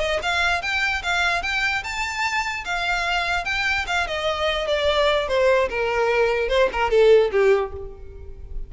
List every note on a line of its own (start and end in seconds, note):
0.00 0.20 D#5
0.22 0.62 F5
0.62 1.03 G5
1.03 1.43 F5
1.43 1.83 G5
1.84 2.65 A5
2.65 3.45 F5
3.45 3.86 G5
3.87 4.07 F5
4.08 4.68 D#5
4.68 5.28 D5
5.28 5.69 C5
5.69 6.49 A#4
6.49 6.69 C5
6.72 6.90 A#4
6.90 7.31 A4
7.32 7.72 G4